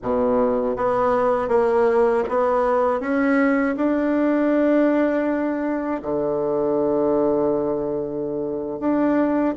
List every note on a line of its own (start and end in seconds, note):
0.02 0.76 B2
0.76 1.48 B3
1.48 2.23 A#3
2.28 3.00 B3
3.00 3.75 C#4
3.76 6.01 D4
6.02 8.79 D3
8.79 9.54 D4